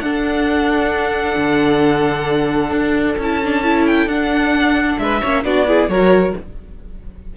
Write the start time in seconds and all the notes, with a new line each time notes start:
0.00 D4 A4 F#5
1.37 D3
2.71 D4
3.18 C#4 E4 A5
3.43 D4
3.63 E4
3.86 G5
4.06 D4 F#5
4.99 G#3 B4 E5
5.21 A#3 C#4 C#5
5.44 B3 D4 F#4 D5
5.67 E4 G#4
5.88 F#3 F#4 A#4 C#5